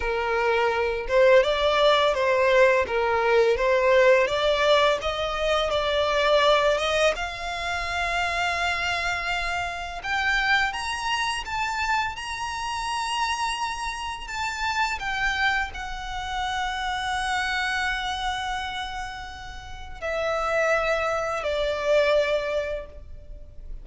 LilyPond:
\new Staff \with { instrumentName = "violin" } { \time 4/4 \tempo 4 = 84 ais'4. c''8 d''4 c''4 | ais'4 c''4 d''4 dis''4 | d''4. dis''8 f''2~ | f''2 g''4 ais''4 |
a''4 ais''2. | a''4 g''4 fis''2~ | fis''1 | e''2 d''2 | }